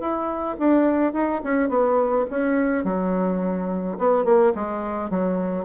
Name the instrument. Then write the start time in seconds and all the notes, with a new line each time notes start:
bassoon
0.00 E4
0.59 D4
1.13 D#4
1.44 C#4
1.69 B3
2.30 C#4
2.84 F#3
3.98 B3
4.25 A#3
4.55 G#3
5.10 F#3